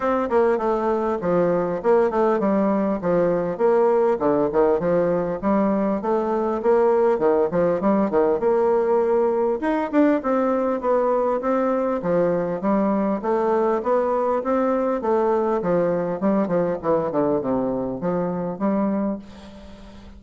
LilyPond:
\new Staff \with { instrumentName = "bassoon" } { \time 4/4 \tempo 4 = 100 c'8 ais8 a4 f4 ais8 a8 | g4 f4 ais4 d8 dis8 | f4 g4 a4 ais4 | dis8 f8 g8 dis8 ais2 |
dis'8 d'8 c'4 b4 c'4 | f4 g4 a4 b4 | c'4 a4 f4 g8 f8 | e8 d8 c4 f4 g4 | }